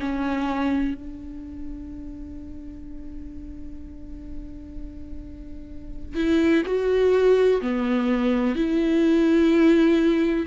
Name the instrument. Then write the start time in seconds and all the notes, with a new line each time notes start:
viola
0.00 C#4
0.94 D4
6.16 E4
6.66 F#4
7.61 B3
8.56 E4